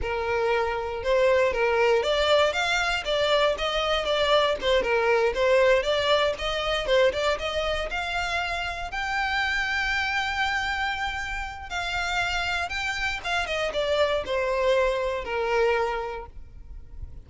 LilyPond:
\new Staff \with { instrumentName = "violin" } { \time 4/4 \tempo 4 = 118 ais'2 c''4 ais'4 | d''4 f''4 d''4 dis''4 | d''4 c''8 ais'4 c''4 d''8~ | d''8 dis''4 c''8 d''8 dis''4 f''8~ |
f''4. g''2~ g''8~ | g''2. f''4~ | f''4 g''4 f''8 dis''8 d''4 | c''2 ais'2 | }